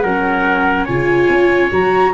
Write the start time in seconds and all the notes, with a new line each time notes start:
0.00 F#3 C#4 A#4 F#5
0.85 C#3 F4 C#5 G#5
1.29 C#4
1.71 F#3 F#4 A#5